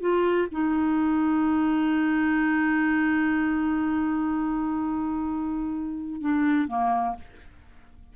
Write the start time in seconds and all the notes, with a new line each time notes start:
0.00 F4
0.51 D#4
6.21 D4
6.68 A#3